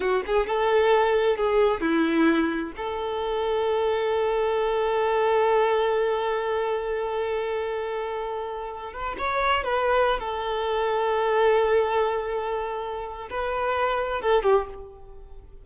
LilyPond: \new Staff \with { instrumentName = "violin" } { \time 4/4 \tempo 4 = 131 fis'8 gis'8 a'2 gis'4 | e'2 a'2~ | a'1~ | a'1~ |
a'2.~ a'8 b'8 | cis''4 b'4~ b'16 a'4.~ a'16~ | a'1~ | a'4 b'2 a'8 g'8 | }